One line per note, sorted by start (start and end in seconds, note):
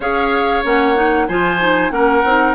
0.00 0.62 C#4
0.00 0.63 G#4
0.00 1.26 C#5
0.00 0.65 F5
0.63 1.28 A#3
0.63 0.95 C#4
0.63 1.27 F#5
0.95 1.27 D#4
1.27 1.91 F3
1.27 1.60 F4
1.27 1.92 C5
1.27 1.90 G#5
1.60 1.90 D#4
1.90 2.23 A#3
1.90 2.22 C#4
1.90 2.55 A#4
1.90 2.54 F#5
2.24 2.55 C4
2.24 2.55 D#4